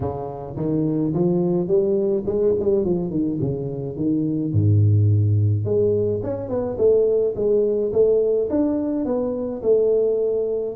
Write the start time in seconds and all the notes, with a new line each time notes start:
0.00 C#3
0.56 D#3
1.13 F3
1.67 G3
2.26 G#3
2.59 G3
2.85 F3
3.10 D#3
3.40 C#3
3.96 D#3
4.53 G#2
5.64 G#3
6.23 C#4
6.48 B3
6.77 A3
7.35 G#3
7.92 A3
8.49 D4
9.05 B3
9.62 A3